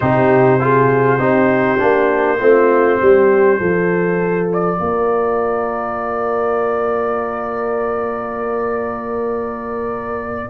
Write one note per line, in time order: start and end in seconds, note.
0.00 1.19 C3
0.00 0.60 D#4
0.00 0.60 G4
0.00 4.50 C5
0.60 1.19 F4
0.60 1.18 G#4
1.18 1.79 C4
1.18 1.78 D#4
1.18 2.38 G4
1.78 2.41 A#3
1.78 2.38 D4
2.40 3.00 A3
2.40 3.60 C4
2.40 3.00 F4
3.00 3.59 G3
3.00 3.58 G4
3.58 4.79 F3
3.58 10.49 F4
3.58 4.78 A4
4.52 10.49 D5
4.79 10.49 A#3
4.79 10.49 A#4